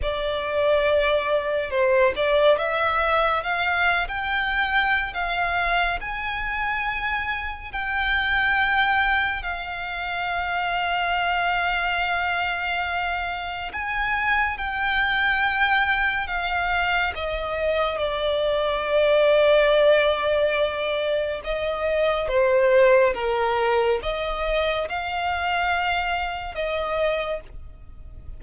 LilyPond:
\new Staff \with { instrumentName = "violin" } { \time 4/4 \tempo 4 = 70 d''2 c''8 d''8 e''4 | f''8. g''4~ g''16 f''4 gis''4~ | gis''4 g''2 f''4~ | f''1 |
gis''4 g''2 f''4 | dis''4 d''2.~ | d''4 dis''4 c''4 ais'4 | dis''4 f''2 dis''4 | }